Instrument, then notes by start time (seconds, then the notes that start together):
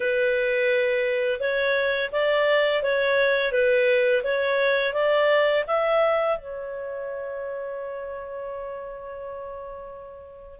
clarinet
0.00 B4
1.39 C#5
2.12 D5
2.82 C#5
3.52 B4
4.23 C#5
4.93 D5
5.67 E5
6.38 C#5